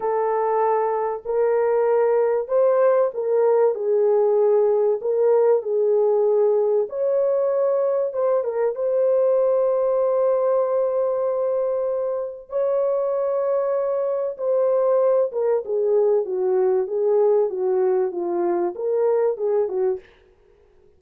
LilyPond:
\new Staff \with { instrumentName = "horn" } { \time 4/4 \tempo 4 = 96 a'2 ais'2 | c''4 ais'4 gis'2 | ais'4 gis'2 cis''4~ | cis''4 c''8 ais'8 c''2~ |
c''1 | cis''2. c''4~ | c''8 ais'8 gis'4 fis'4 gis'4 | fis'4 f'4 ais'4 gis'8 fis'8 | }